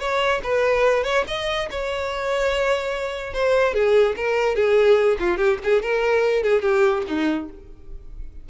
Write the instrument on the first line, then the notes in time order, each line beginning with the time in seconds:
violin
0.00 C#5
0.44 B4
1.04 C#5
1.28 D#5
1.71 C#5
3.34 C5
3.74 G#4
4.17 A#4
4.56 G#4
5.20 F4
5.38 G4
5.64 G#4
5.83 A#4
6.43 G#4
6.62 G4
7.08 D#4